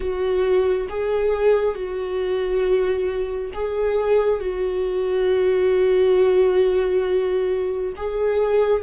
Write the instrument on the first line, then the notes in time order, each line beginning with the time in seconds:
viola
0.00 F#4
0.89 G#4
1.74 F#4
3.53 G#4
4.40 F#4
7.96 G#4